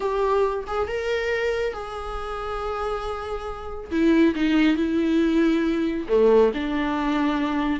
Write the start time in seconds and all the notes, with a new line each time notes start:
0.00 G4
0.67 G#4
0.87 A#4
1.73 G#4
3.91 E4
4.35 D#4
4.76 E4
6.08 A3
6.54 D4